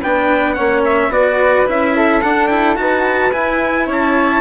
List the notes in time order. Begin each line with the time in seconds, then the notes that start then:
0.00 B3 D4 B4 G5
0.53 A#3 C#4 C#5 F#5
0.85 E5
1.08 B3 F#4 B4 D5
1.66 C#4 E4 E5
1.96 A4
2.22 D4 F#5
2.48 E4 G5
2.76 D#4 F#4 B4 A5
3.32 E4 G#5
3.86 C#4 C#5 A5